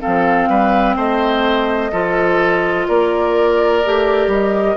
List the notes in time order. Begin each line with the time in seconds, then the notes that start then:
0.00 C4 A4 F5
0.06 F3
0.48 G3 B4
0.96 A3 C5 D#5
1.91 F3 F4 A4
2.87 A#3 A#4 D5
3.85 A3 G4
4.27 G3 D#5